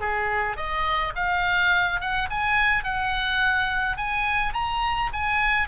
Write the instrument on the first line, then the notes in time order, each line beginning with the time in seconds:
oboe
0.00 G#4
0.56 D#5
1.15 F5
2.00 F#5
2.30 G#5
2.83 F#5
3.97 G#5
4.53 A#5
5.13 G#5